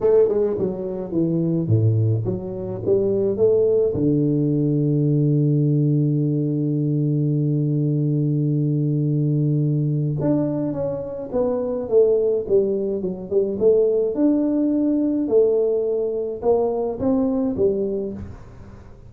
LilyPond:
\new Staff \with { instrumentName = "tuba" } { \time 4/4 \tempo 4 = 106 a8 gis8 fis4 e4 a,4 | fis4 g4 a4 d4~ | d1~ | d1~ |
d2 d'4 cis'4 | b4 a4 g4 fis8 g8 | a4 d'2 a4~ | a4 ais4 c'4 g4 | }